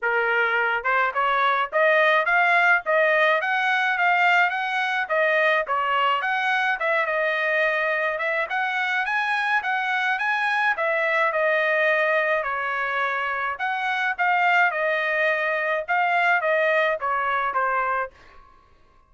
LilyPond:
\new Staff \with { instrumentName = "trumpet" } { \time 4/4 \tempo 4 = 106 ais'4. c''8 cis''4 dis''4 | f''4 dis''4 fis''4 f''4 | fis''4 dis''4 cis''4 fis''4 | e''8 dis''2 e''8 fis''4 |
gis''4 fis''4 gis''4 e''4 | dis''2 cis''2 | fis''4 f''4 dis''2 | f''4 dis''4 cis''4 c''4 | }